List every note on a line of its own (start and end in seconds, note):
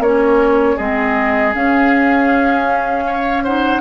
0.00 0.76 A#3
0.00 0.79 C#4
0.00 0.76 A#4
0.00 0.78 C#5
0.76 1.55 G#3
0.76 1.54 C4
0.76 3.04 G#4
0.76 1.54 D#5
1.54 3.44 C#4
1.54 3.81 C#4
1.54 3.45 F5
3.07 3.44 C#5
3.44 3.81 D#4
3.44 3.81 C5
3.44 3.81 F#5